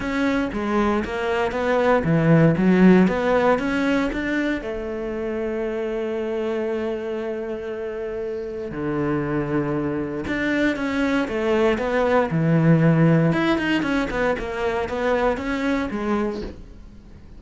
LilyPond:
\new Staff \with { instrumentName = "cello" } { \time 4/4 \tempo 4 = 117 cis'4 gis4 ais4 b4 | e4 fis4 b4 cis'4 | d'4 a2.~ | a1~ |
a4 d2. | d'4 cis'4 a4 b4 | e2 e'8 dis'8 cis'8 b8 | ais4 b4 cis'4 gis4 | }